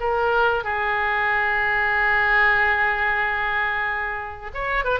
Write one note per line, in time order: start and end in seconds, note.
0.00 0.64 A#4
0.64 4.51 G#4
4.54 4.84 C#5
4.84 4.99 B4